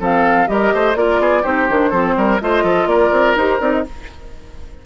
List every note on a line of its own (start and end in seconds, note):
0.00 0.48 F3
0.00 0.47 C4
0.00 0.48 A4
0.00 0.48 F5
0.47 0.72 G3
0.47 0.95 G4
0.47 0.74 A#4
0.47 0.96 D#5
0.74 0.96 A3
0.74 0.98 C5
0.96 1.19 A#3
0.96 1.44 F4
0.96 1.21 A#4
0.96 1.44 D5
1.19 1.43 B3
1.19 1.43 G#4
1.43 1.69 C4
1.43 1.68 D#4
1.43 1.90 G4
1.43 2.40 C5
1.69 1.92 D#3
1.69 1.92 D4
1.90 2.16 F3
1.90 2.40 C4
1.90 2.14 A4
2.17 2.41 G3
2.17 2.41 A#4
2.41 2.64 A3
2.41 3.37 F4
2.41 2.64 C5
2.41 2.88 D#5
2.64 2.87 F3
2.64 2.88 A4
2.87 3.11 A#3
2.87 3.86 A#4
2.87 3.36 D5
3.12 3.35 C4
3.35 3.60 D#4
3.35 3.60 G4
3.35 3.61 C5
3.60 3.85 C4
3.60 3.84 D#4
3.60 3.72 D5
3.72 3.84 D#5